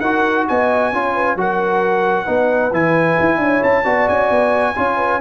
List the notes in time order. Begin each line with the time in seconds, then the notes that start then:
0.00 D#4 F#4 A#4 F#5
0.48 B3 D#5 G#5
0.92 C#4 F4 C#5
1.14 B4
1.35 F#3 F#4 A#4 F#5
2.25 B3 D#4 B4
2.72 E3 E4 G#5
3.19 E4
3.38 D4 C#5
3.63 C#4 A5
3.83 B3 F#4 D5
4.08 C#4 G#5
4.30 B3
4.76 C#4 F4 C#5
4.96 B4